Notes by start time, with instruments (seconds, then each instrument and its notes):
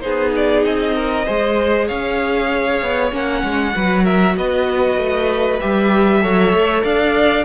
0.00 cello B3, viola D#4, violin G#4 C5
0.35 violin D5
0.64 cello C4, violin D#5
0.95 violin A#4
1.25 cello G#3, viola G#4, violin C5
1.86 cello C#4, violin C#5 F5
2.81 cello B3
3.11 cello A#3, viola C#4, violin F#5
3.43 cello G#3
3.73 cello F#3, viola F#4, violin B4
4.04 violin A#4 E5
4.36 cello B3, violin B4 D#5
4.97 cello A3
5.59 cello G3, viola G4, violin E5
6.21 cello F#3, viola A4, violin C#5
6.52 cello A3
6.83 cello D4, violin D5 F5